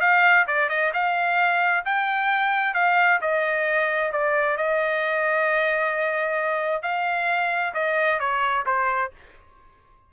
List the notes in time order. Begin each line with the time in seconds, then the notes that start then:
0.00 F5
0.47 D5
0.69 D#5
0.93 F5
1.85 G5
2.74 F5
3.21 D#5
4.12 D5
4.57 D#5
6.82 F5
7.74 D#5
8.19 C#5
8.66 C5